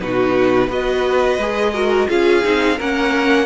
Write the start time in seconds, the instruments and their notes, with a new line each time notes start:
0.00 cello B2, viola D#4, violin F#4 B4
0.67 cello B3, viola F#4, violin B4 D#5
1.38 cello G#3, viola G#4
1.73 viola F#4, violin A#4
2.08 cello C#4, viola F4, violin G#4 F5
2.43 cello C4, viola D#4
2.77 cello A#3, viola C#4, violin A#4 F#5